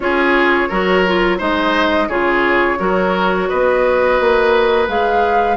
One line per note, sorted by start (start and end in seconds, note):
0.00 0.67 C#4
0.00 0.70 F4
0.00 0.68 G#4
0.00 1.38 C#5
0.68 1.40 F#3
0.68 1.05 F#4
0.68 1.38 A#4
1.06 1.39 F4
1.38 2.08 G#3
1.38 2.08 D#4
1.38 2.07 C5
1.38 2.09 D#5
2.08 2.78 C#3
2.08 2.77 F4
2.08 2.78 G#4
2.08 3.48 C#5
2.77 3.49 F#3
2.77 4.87 F#4
2.77 3.48 A#4
3.48 4.19 B3
3.48 5.56 B4
3.48 4.88 D#5
4.19 4.88 A#3
4.87 5.56 G#3
4.87 5.56 G#4
4.87 5.56 F5